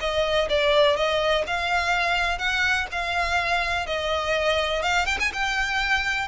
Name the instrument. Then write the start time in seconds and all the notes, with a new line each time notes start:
violin
0.00 D#5
0.49 D5
0.96 D#5
1.46 F5
2.38 F#5
2.91 F5
3.86 D#5
4.82 F5
5.06 G5
5.19 G#5
5.33 G5